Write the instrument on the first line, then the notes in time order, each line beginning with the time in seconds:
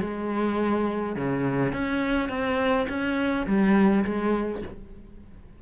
cello
0.00 G#3
1.15 C#3
1.73 C#4
2.29 C4
2.88 C#4
3.46 G3
4.04 G#3